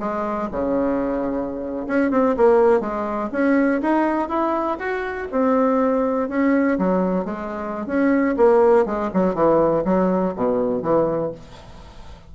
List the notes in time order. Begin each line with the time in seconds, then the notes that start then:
0.00 G#3
0.52 C#3
1.88 C#4
2.11 C4
2.37 A#3
2.81 G#3
3.32 C#4
3.82 D#4
4.29 E4
4.79 F#4
5.32 C4
6.29 C#4
6.79 F#3
7.25 G#3
7.87 C#4
8.37 A#3
8.86 G#3
9.14 F#3
9.35 E3
9.85 F#3
10.36 B2
10.83 E3